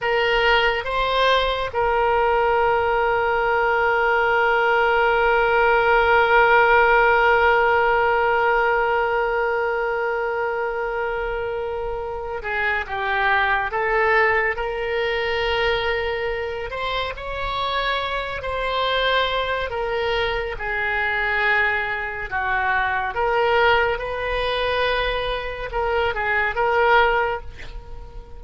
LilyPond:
\new Staff \with { instrumentName = "oboe" } { \time 4/4 \tempo 4 = 70 ais'4 c''4 ais'2~ | ais'1~ | ais'1~ | ais'2~ ais'8 gis'8 g'4 |
a'4 ais'2~ ais'8 c''8 | cis''4. c''4. ais'4 | gis'2 fis'4 ais'4 | b'2 ais'8 gis'8 ais'4 | }